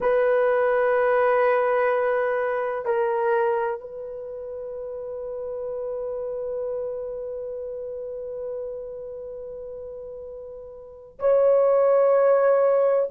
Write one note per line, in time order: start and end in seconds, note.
0.00 2.85 B4
2.85 3.80 A#4
3.80 11.18 B4
11.19 13.10 C#5